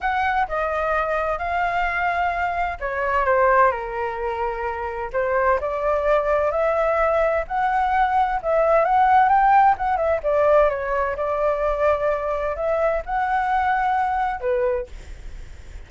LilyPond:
\new Staff \with { instrumentName = "flute" } { \time 4/4 \tempo 4 = 129 fis''4 dis''2 f''4~ | f''2 cis''4 c''4 | ais'2. c''4 | d''2 e''2 |
fis''2 e''4 fis''4 | g''4 fis''8 e''8 d''4 cis''4 | d''2. e''4 | fis''2. b'4 | }